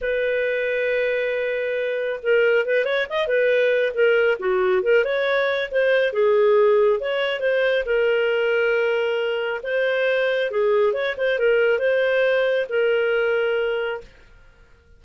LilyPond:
\new Staff \with { instrumentName = "clarinet" } { \time 4/4 \tempo 4 = 137 b'1~ | b'4 ais'4 b'8 cis''8 dis''8 b'8~ | b'4 ais'4 fis'4 ais'8 cis''8~ | cis''4 c''4 gis'2 |
cis''4 c''4 ais'2~ | ais'2 c''2 | gis'4 cis''8 c''8 ais'4 c''4~ | c''4 ais'2. | }